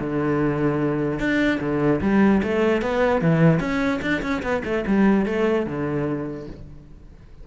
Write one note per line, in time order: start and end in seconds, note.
0.00 1.20 D3
1.20 1.60 D4
1.61 2.01 D3
2.02 2.42 G3
2.43 2.82 A3
2.82 3.22 B3
3.22 3.60 E3
3.60 4.00 C#4
4.02 4.22 D4
4.23 4.43 C#4
4.43 4.63 B3
4.65 4.85 A3
4.87 5.26 G3
5.26 5.66 A3
5.67 6.47 D3